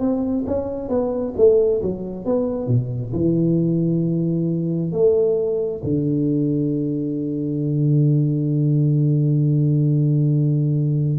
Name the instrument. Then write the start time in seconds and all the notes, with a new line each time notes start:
tuba
0.00 C4
0.47 C#4
0.89 B3
1.38 A3
1.83 F#3
2.26 B3
2.68 B2
3.13 E3
4.93 A3
5.84 D3